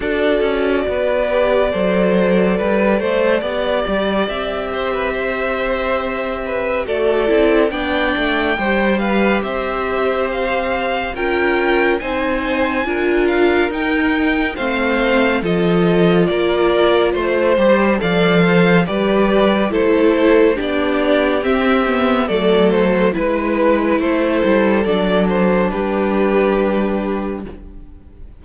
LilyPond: <<
  \new Staff \with { instrumentName = "violin" } { \time 4/4 \tempo 4 = 70 d''1~ | d''4 e''2. | d''4 g''4. f''8 e''4 | f''4 g''4 gis''4. f''8 |
g''4 f''4 dis''4 d''4 | c''4 f''4 d''4 c''4 | d''4 e''4 d''8 c''8 b'4 | c''4 d''8 c''8 b'2 | }
  \new Staff \with { instrumentName = "violin" } { \time 4/4 a'4 b'4 c''4 b'8 c''8 | d''4. c''16 b'16 c''4. b'8 | a'4 d''4 c''8 b'8 c''4~ | c''4 ais'4 c''4 ais'4~ |
ais'4 c''4 a'4 ais'4 | c''4 d''8 c''8 b'4 a'4 | g'2 a'4 b'4 | a'2 g'2 | }
  \new Staff \with { instrumentName = "viola" } { \time 4/4 fis'4. g'8 a'2 | g'1 | fis'8 e'8 d'4 g'2~ | g'4 f'4 dis'4 f'4 |
dis'4 c'4 f'2~ | f'8 g'8 a'4 g'4 e'4 | d'4 c'8 b8 a4 e'4~ | e'4 d'2. | }
  \new Staff \with { instrumentName = "cello" } { \time 4/4 d'8 cis'8 b4 fis4 g8 a8 | b8 g8 c'2. | a8 c'8 b8 a8 g4 c'4~ | c'4 cis'4 c'4 d'4 |
dis'4 a4 f4 ais4 | a8 g8 f4 g4 a4 | b4 c'4 fis4 gis4 | a8 g8 fis4 g2 | }
>>